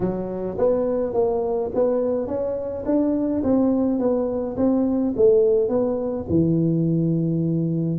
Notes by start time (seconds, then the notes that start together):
0.00 F#3
0.58 B3
1.13 A#3
1.74 B3
2.27 C#4
2.85 D4
3.43 C4
3.99 B3
4.57 C4
5.16 A3
5.68 B3
6.29 E3